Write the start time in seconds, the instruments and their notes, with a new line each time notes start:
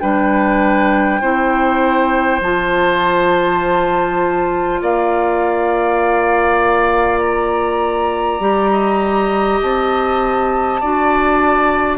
0.00 bassoon G3, clarinet D4, oboe B4, flute G5
1.21 bassoon C4, clarinet E4, oboe C5
2.41 bassoon F3, clarinet F4, flute A5
4.82 bassoon A#3, oboe D5, flute F5
7.19 flute A#5
8.40 bassoon G3, clarinet G4
8.71 oboe D#5
9.62 bassoon C4, flute A5
10.80 bassoon D4, clarinet F#4, oboe D5